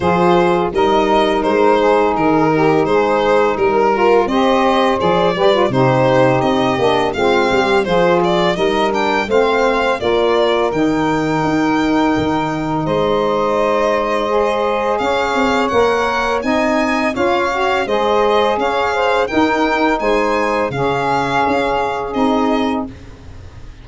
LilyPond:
<<
  \new Staff \with { instrumentName = "violin" } { \time 4/4 \tempo 4 = 84 c''4 dis''4 c''4 ais'4 | c''4 ais'4 dis''4 d''4 | c''4 dis''4 f''4 c''8 d''8 | dis''8 g''8 f''4 d''4 g''4~ |
g''2 dis''2~ | dis''4 f''4 fis''4 gis''4 | f''4 dis''4 f''4 g''4 | gis''4 f''2 dis''4 | }
  \new Staff \with { instrumentName = "saxophone" } { \time 4/4 gis'4 ais'4. gis'4 g'8 | gis'4 ais'4 c''4. b'8 | g'2 f'8 g'8 gis'4 | ais'4 c''4 ais'2~ |
ais'2 c''2~ | c''4 cis''2 dis''4 | cis''4 c''4 cis''8 c''8 ais'4 | c''4 gis'2. | }
  \new Staff \with { instrumentName = "saxophone" } { \time 4/4 f'4 dis'2.~ | dis'4. f'8 g'4 gis'8 g'16 f'16 | dis'4. d'8 c'4 f'4 | dis'8 d'8 c'4 f'4 dis'4~ |
dis'1 | gis'2 ais'4 dis'4 | f'8 fis'8 gis'2 dis'4~ | dis'4 cis'2 dis'4 | }
  \new Staff \with { instrumentName = "tuba" } { \time 4/4 f4 g4 gis4 dis4 | gis4 g4 c'4 f8 g8 | c4 c'8 ais8 gis8 g8 f4 | g4 a4 ais4 dis4 |
dis'4 dis4 gis2~ | gis4 cis'8 c'8 ais4 c'4 | cis'4 gis4 cis'4 dis'4 | gis4 cis4 cis'4 c'4 | }
>>